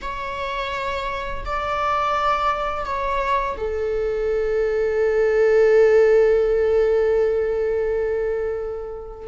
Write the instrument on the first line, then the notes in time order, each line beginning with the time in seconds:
viola
0.01 C#5
1.45 D5
2.85 C#5
3.57 A4